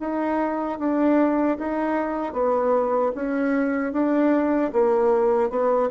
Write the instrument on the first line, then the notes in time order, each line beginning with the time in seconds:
bassoon
0.00 D#4
0.79 D4
1.58 D#4
2.33 B3
3.15 C#4
3.93 D4
4.73 A#3
5.50 B3